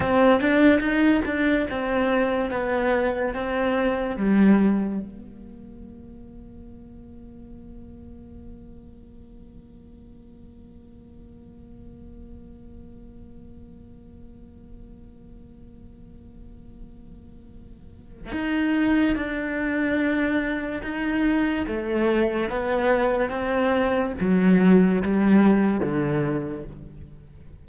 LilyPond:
\new Staff \with { instrumentName = "cello" } { \time 4/4 \tempo 4 = 72 c'8 d'8 dis'8 d'8 c'4 b4 | c'4 g4 ais2~ | ais1~ | ais1~ |
ais1~ | ais2 dis'4 d'4~ | d'4 dis'4 a4 b4 | c'4 fis4 g4 d4 | }